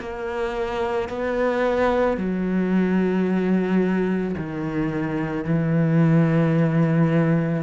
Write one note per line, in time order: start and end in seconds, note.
0.00 1.09 A#3
1.09 2.18 B3
2.18 4.36 F#3
4.37 5.45 D#3
5.45 7.63 E3